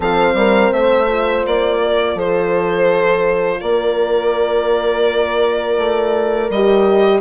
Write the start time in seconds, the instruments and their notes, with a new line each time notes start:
0.00 bassoon F3, horn C4 A4, violin F5
0.34 bassoon G3, horn A#4
0.72 bassoon A3, horn C5, violin E5
1.07 horn F4
1.46 bassoon A#3, violin D5
1.82 horn A#4
2.14 bassoon F3, horn A4, violin C5
3.60 bassoon A#3, horn A#4, violin D5
5.77 bassoon A3
6.49 bassoon G3, horn G4, violin D#5